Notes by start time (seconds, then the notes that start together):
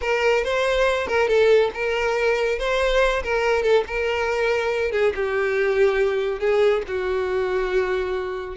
0.01 A#4
0.44 C5
1.07 A#4
1.28 A4
1.74 A#4
2.58 C5
3.23 A#4
3.62 A4
3.87 A#4
4.91 G#4
5.15 G4
6.39 G#4
6.87 F#4